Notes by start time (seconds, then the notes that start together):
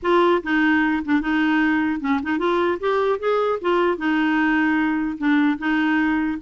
0.02 F4
0.43 D#4
1.04 D4
1.21 D#4
2.00 C#4
2.22 D#4
2.38 F4
2.80 G4
3.19 G#4
3.61 F4
3.97 D#4
5.18 D4
5.58 D#4